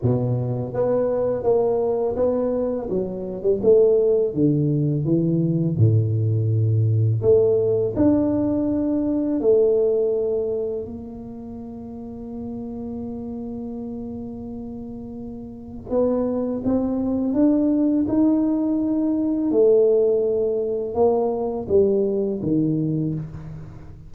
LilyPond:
\new Staff \with { instrumentName = "tuba" } { \time 4/4 \tempo 4 = 83 b,4 b4 ais4 b4 | fis8. g16 a4 d4 e4 | a,2 a4 d'4~ | d'4 a2 ais4~ |
ais1~ | ais2 b4 c'4 | d'4 dis'2 a4~ | a4 ais4 g4 dis4 | }